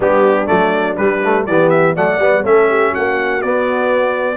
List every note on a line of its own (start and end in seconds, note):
0.00 0.46 G3
0.00 0.46 B3
0.00 1.45 D4
0.00 0.47 G4
0.46 0.98 F#3
0.46 0.94 A3
0.46 0.96 D5
0.97 1.22 G3
0.97 1.47 G3
0.97 1.45 B4
1.24 1.48 A3
1.46 1.96 E3
1.46 1.95 B3
1.46 1.95 G4
1.46 1.69 D5
1.69 1.93 E5
1.95 2.18 F#3
1.95 2.20 A3
1.95 2.43 D5
1.95 2.45 F#5
2.18 2.43 G3
2.18 2.44 B3
2.43 2.92 A3
2.43 3.41 C#4
2.43 2.67 A4
2.43 2.94 E5
2.68 2.89 G4
2.89 4.36 F#4
2.89 3.41 F#5
2.96 3.43 A#3
3.41 4.36 B3
3.41 4.36 D5